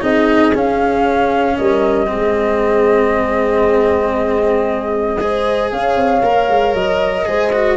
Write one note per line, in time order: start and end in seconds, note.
0.00 0.54 C4
0.00 0.52 D#4
0.00 1.55 G#4
0.00 0.55 D#5
0.54 2.07 C#4
0.54 1.58 C#4
0.54 1.57 F5
1.56 2.11 G3
1.56 2.08 A#4
1.56 5.70 D#5
2.07 5.72 G#3
2.07 5.17 C4
2.07 5.19 G#4
5.20 6.23 G#4
5.20 5.73 C5
5.71 5.95 C#4
5.71 7.27 C#5
5.71 6.74 F5
5.95 6.21 C4
6.22 6.48 A#3
6.22 7.25 A#4
6.48 6.74 G#3
6.74 7.26 F#3
6.74 7.77 D#5
7.25 7.77 G#3
7.25 7.51 G#4
7.25 7.77 C5
7.52 7.77 F#4